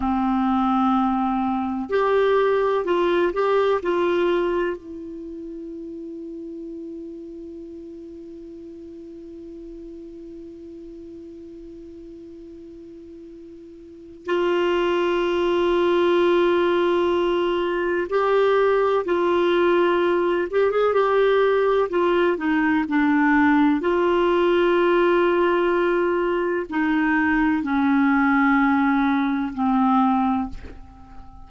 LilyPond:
\new Staff \with { instrumentName = "clarinet" } { \time 4/4 \tempo 4 = 63 c'2 g'4 f'8 g'8 | f'4 e'2.~ | e'1~ | e'2. f'4~ |
f'2. g'4 | f'4. g'16 gis'16 g'4 f'8 dis'8 | d'4 f'2. | dis'4 cis'2 c'4 | }